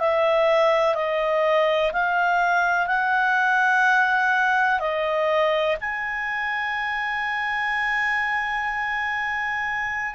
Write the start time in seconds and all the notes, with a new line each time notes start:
0.00 E5
0.95 D#5
1.93 F5
2.87 F#5
4.80 D#5
5.81 G#5